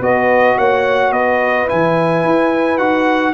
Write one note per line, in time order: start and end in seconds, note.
0.00 0.56 B3
0.00 1.67 F#4
0.00 0.58 B4
0.00 0.58 D#5
0.58 1.11 A#3
0.58 1.13 C#5
0.58 1.12 F#5
1.11 1.67 B3
1.11 3.34 B4
1.11 1.68 D#5
1.67 2.25 E3
1.67 2.79 E4
1.67 2.78 G#5
2.25 2.79 E4
2.78 3.34 D#4
2.78 3.34 F#4
2.78 3.34 F#5